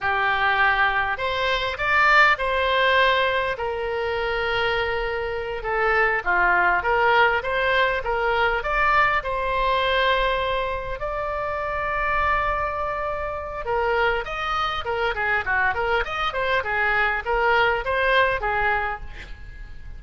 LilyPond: \new Staff \with { instrumentName = "oboe" } { \time 4/4 \tempo 4 = 101 g'2 c''4 d''4 | c''2 ais'2~ | ais'4. a'4 f'4 ais'8~ | ais'8 c''4 ais'4 d''4 c''8~ |
c''2~ c''8 d''4.~ | d''2. ais'4 | dis''4 ais'8 gis'8 fis'8 ais'8 dis''8 c''8 | gis'4 ais'4 c''4 gis'4 | }